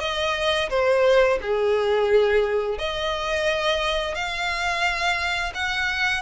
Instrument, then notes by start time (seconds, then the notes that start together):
violin
0.00 D#5
0.70 C5
1.41 G#4
2.78 D#5
4.14 F5
5.54 F#5